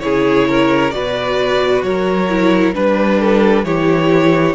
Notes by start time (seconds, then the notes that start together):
0.00 C#3 E4 G#4 C#5
0.48 A#4
0.91 B2 F#4 B4 D5
1.83 F#3 A#4 C#5
2.30 E4
2.74 G3 D4 B4
3.20 A4
3.64 E3 E4 G4 C#5